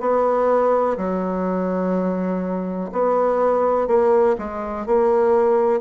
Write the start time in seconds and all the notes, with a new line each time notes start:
0.00 B3
0.97 F#3
2.92 B3
3.87 A#3
4.38 G#3
4.86 A#3